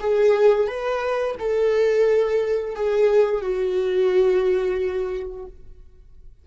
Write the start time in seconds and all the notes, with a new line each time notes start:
0.00 G#4
0.67 B4
1.39 A4
2.75 G#4
3.42 F#4